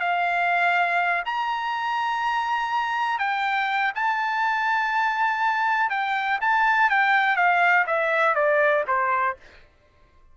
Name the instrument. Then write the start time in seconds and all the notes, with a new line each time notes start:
trumpet
0.00 F5
1.26 A#5
3.19 G5
3.95 A5
5.90 G5
6.41 A5
6.90 G5
7.37 F5
7.87 E5
8.35 D5
8.87 C5